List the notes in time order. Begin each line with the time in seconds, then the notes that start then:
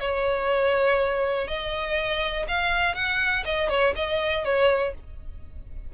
0.00 C#5
1.48 D#5
2.48 F5
2.95 F#5
3.45 D#5
3.69 C#5
3.95 D#5
4.45 C#5